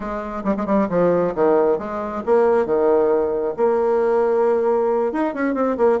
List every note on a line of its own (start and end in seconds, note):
0.00 0.43 G#3
0.44 0.55 G3
0.56 0.65 G#3
0.65 0.88 G3
0.89 1.33 F3
1.35 1.78 D#3
1.78 2.22 G#3
2.25 2.65 A#3
2.65 3.54 D#3
3.56 5.12 A#3
5.12 5.33 D#4
5.33 5.54 C#4
5.54 5.76 C4
5.77 5.99 A#3